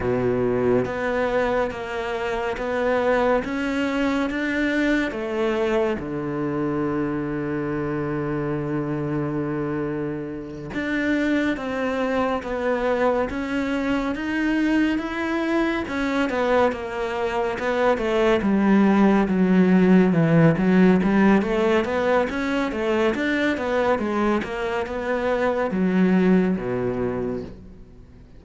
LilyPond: \new Staff \with { instrumentName = "cello" } { \time 4/4 \tempo 4 = 70 b,4 b4 ais4 b4 | cis'4 d'4 a4 d4~ | d1~ | d8 d'4 c'4 b4 cis'8~ |
cis'8 dis'4 e'4 cis'8 b8 ais8~ | ais8 b8 a8 g4 fis4 e8 | fis8 g8 a8 b8 cis'8 a8 d'8 b8 | gis8 ais8 b4 fis4 b,4 | }